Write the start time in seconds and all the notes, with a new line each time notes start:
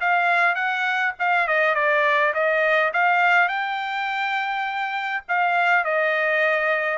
0.00 F5
0.55 F#5
1.19 F5
1.47 D#5
1.74 D5
2.33 D#5
2.93 F5
3.48 G5
5.28 F5
5.84 D#5